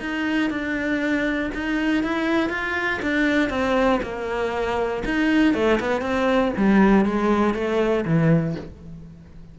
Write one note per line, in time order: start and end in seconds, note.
0.00 0.50 D#4
0.50 1.51 D4
1.54 2.03 D#4
2.03 2.49 E4
2.49 3.00 F4
3.02 3.50 D4
3.50 4.00 C4
4.02 5.03 A#3
5.05 5.54 D#4
5.54 5.79 A3
5.80 6.01 B3
6.01 6.52 C4
6.57 7.05 G3
7.05 7.54 G#3
7.54 8.04 A3
8.05 8.55 E3